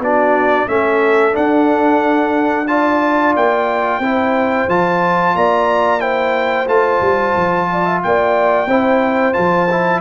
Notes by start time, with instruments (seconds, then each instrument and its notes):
0.00 tuba B3, trombone D4, horn F#4, trumpet D5
0.68 tuba A3, trombone C#4, horn A4, trumpet E5
1.32 trombone D4, tuba D4, trumpet F#5
2.67 trombone F4, horn D5, trumpet A5
3.37 tuba A#3, trumpet G5
4.00 tuba C4, trombone E4, horn C5
4.69 tuba F3, trombone F4, trumpet A5
5.36 tuba A#3, horn D5, trumpet A#5
6.00 trombone E4, horn C5, trumpet G5
6.68 tuba A3, trombone F4, trumpet A5
7.01 tuba G3
7.37 tuba F3
7.72 horn D5
7.85 horn E5
8.03 tuba A#3, horn D5, trumpet G5
8.67 tuba C4, trombone E4, horn C5
9.34 tuba F3, trombone F4, trumpet A5
9.71 trombone E4